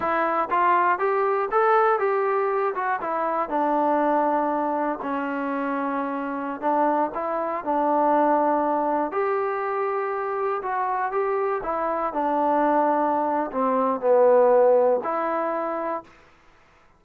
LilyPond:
\new Staff \with { instrumentName = "trombone" } { \time 4/4 \tempo 4 = 120 e'4 f'4 g'4 a'4 | g'4. fis'8 e'4 d'4~ | d'2 cis'2~ | cis'4~ cis'16 d'4 e'4 d'8.~ |
d'2~ d'16 g'4.~ g'16~ | g'4~ g'16 fis'4 g'4 e'8.~ | e'16 d'2~ d'8. c'4 | b2 e'2 | }